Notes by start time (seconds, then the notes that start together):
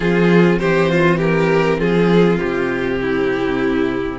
0.00 F3 C4 F4 G#4
0.58 E3 G4 C5
0.89 F4
1.17 G4 A#4
1.78 F3 F4 G#4
2.39 C3 G4
3.01 E4